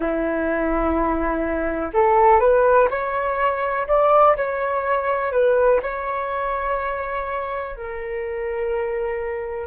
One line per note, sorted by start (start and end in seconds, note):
0.00 1.91 E4
1.94 2.40 A4
2.40 2.88 B4
2.90 3.87 C#5
3.87 4.35 D5
4.36 5.31 C#5
5.31 5.80 B4
5.82 7.76 C#5
7.76 9.67 A#4